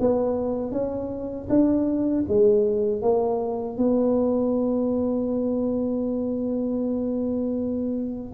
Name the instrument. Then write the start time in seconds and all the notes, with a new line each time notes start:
tuba
0.00 B3
0.71 C#4
1.49 D4
2.28 G#3
3.01 A#3
3.77 B3